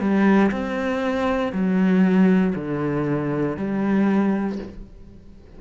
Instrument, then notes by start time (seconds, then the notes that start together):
cello
0.00 G3
0.51 C4
1.53 F#3
2.55 D3
3.57 G3